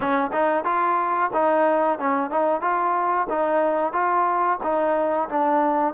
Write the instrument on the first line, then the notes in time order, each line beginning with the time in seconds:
trombone
0.00 C#4
0.32 D#4
0.64 F4
1.33 D#4
1.98 C#4
2.30 D#4
2.61 F4
3.29 D#4
3.92 F4
4.63 D#4
5.29 D4